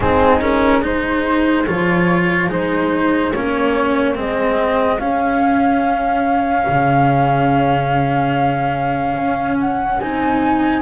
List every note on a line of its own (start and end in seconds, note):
0.00 1.66 G#3
0.00 0.40 C4
0.00 0.82 D#4
0.00 0.41 G#4
0.40 0.81 C#4
0.40 0.83 A#4
0.81 1.65 D#4
0.81 10.81 G#4
0.81 1.66 C5
1.66 2.49 F3
1.66 2.49 F4
1.66 2.49 C#5
2.49 3.32 G#3
2.49 3.32 D#4
2.49 3.32 C5
3.32 4.17 A#3
3.32 4.15 C#4
3.32 4.16 C#5
4.15 4.98 G#3
4.15 4.98 C4
4.15 4.99 D#5
4.98 6.65 C#4
4.98 10.00 C#4
4.98 9.57 F5
6.68 9.16 C#3
9.16 9.99 C#4
9.60 9.99 F#5
9.99 10.81 C4
9.99 10.81 D#4
9.99 10.81 G#5